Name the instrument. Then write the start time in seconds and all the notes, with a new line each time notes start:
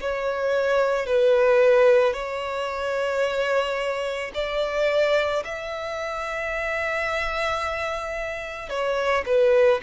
violin
0.00 C#5
1.06 B4
2.13 C#5
4.34 D5
5.44 E5
8.69 C#5
9.26 B4